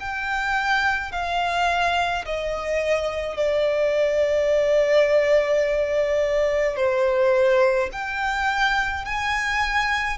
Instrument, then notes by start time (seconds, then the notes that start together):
violin
0.00 G5
1.12 F5
2.25 D#5
3.37 D5
6.76 C5
7.92 G5
9.05 G#5